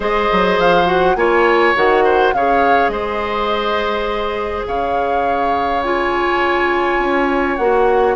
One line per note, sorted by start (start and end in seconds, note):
0.00 0.28 G#3
0.00 0.85 G#4
0.00 1.16 C5
0.00 0.59 D#5
0.32 0.58 F#3
0.58 1.15 F3
0.58 0.86 F5
0.85 1.14 F#4
0.85 1.15 F#5
1.15 1.74 A#3
1.15 1.75 F4
1.15 2.04 C#5
1.15 1.74 G#5
1.75 2.33 D#3
1.75 2.33 F#4
1.75 2.33 F#5
2.04 2.33 C5
2.33 2.88 C#3
2.33 5.83 G#4
2.33 2.92 C#5
2.33 2.88 F5
2.88 4.63 G#3
2.88 4.67 C5
2.88 4.63 D#5
4.67 6.98 C#3
4.67 8.16 C#5
4.67 5.82 F5
5.82 7.58 F4
5.82 7.56 G#5
6.98 7.56 C#4
7.56 8.16 A#3
7.56 8.16 F#4
7.56 8.14 F#5